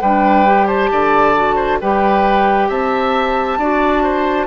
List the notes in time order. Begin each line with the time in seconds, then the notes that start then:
0.00 G3 D4 B4 G5
0.46 G4
0.67 C5 A5
0.91 D3 D5
1.35 F#4
1.55 C5
1.80 G3 G4 B4 G5
2.68 C4 E5 A5
3.57 D4 F#4 D5
4.03 C5